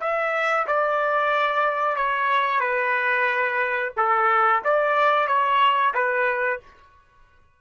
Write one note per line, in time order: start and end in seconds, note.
0.00 0.66 E5
0.67 1.96 D5
1.96 2.60 C#5
2.60 3.92 B4
3.97 4.62 A4
4.64 5.27 D5
5.27 5.93 C#5
5.94 6.60 B4